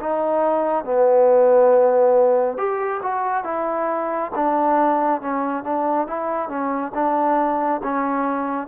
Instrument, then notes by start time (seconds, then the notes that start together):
trombone
0.00 D#4
0.84 B3
2.57 G4
3.02 F#4
3.44 E4
4.35 D4
5.21 C#4
5.63 D4
6.07 E4
6.48 C#4
6.94 D4
7.83 C#4